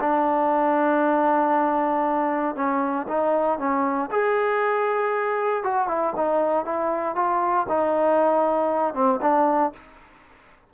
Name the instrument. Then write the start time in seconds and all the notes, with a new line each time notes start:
trombone
0.00 D4
2.55 C#4
3.08 D#4
3.58 C#4
4.11 G#4
5.63 F#4
5.88 E4
6.16 D#4
6.65 E4
7.15 F4
7.69 D#4
8.94 C4
9.21 D4